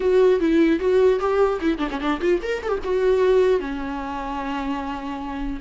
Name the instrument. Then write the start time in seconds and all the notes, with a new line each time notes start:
viola
0.00 F#4
0.40 E4
0.79 F#4
1.19 G4
1.60 E4
1.78 D4
1.91 C#4
2.00 D4
2.20 F4
2.42 A#4
2.62 G4 A4
2.83 F#4
3.59 C#4